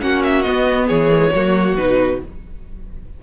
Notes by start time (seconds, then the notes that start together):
0.00 A#3 C#4 F#4 F#5
0.23 E5
0.42 B3 D#5
0.49 B3
0.87 E3 G#4 C#5
1.11 A#3
1.17 G#3
1.34 F#3 A#3 F#4
1.75 B2 D#4 B4